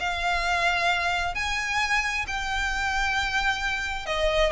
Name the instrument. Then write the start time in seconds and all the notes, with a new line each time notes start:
violin
0.00 F5
1.35 G#5
2.28 G5
4.06 D#5